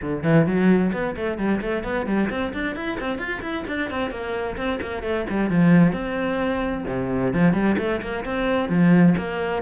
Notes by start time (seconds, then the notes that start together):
0.01 D3
0.23 E3
0.46 F#3
0.92 B3
1.16 A3
1.38 G3
1.61 A3
1.83 B3
2.06 G3
2.29 C4
2.53 D4
2.75 E4
3.00 C4
3.18 F4
3.41 E4
3.67 D4
3.90 C4
4.10 A#3
4.57 C4
4.81 A#3
5.02 A3
5.29 G3
5.50 F3
5.92 C4
6.87 C3
7.33 F3
7.53 G3
7.78 A3
8.01 A#3
8.24 C4
8.69 F3
9.17 A#3